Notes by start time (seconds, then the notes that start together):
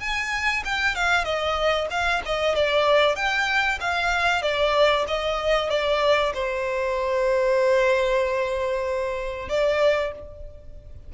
0.00 G#5
0.65 G5
0.95 F5
1.24 D#5
1.90 F5
2.26 D#5
2.55 D5
3.16 G5
3.80 F5
4.42 D5
5.08 D#5
5.70 D5
6.34 C5
9.49 D5